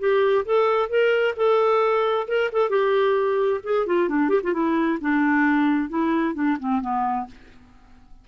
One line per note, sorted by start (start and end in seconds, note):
0.00 0.45 G4
0.46 0.90 A4
0.90 1.35 A#4
1.37 2.28 A4
2.28 2.51 A#4
2.52 2.70 A4
2.70 3.61 G4
3.64 3.87 G#4
3.87 4.09 F4
4.09 4.30 D4
4.30 4.41 G4
4.44 4.54 F4
4.54 4.99 E4
5.01 5.90 D4
5.90 6.35 E4
6.35 6.58 D4
6.60 6.82 C4
6.82 7.27 B3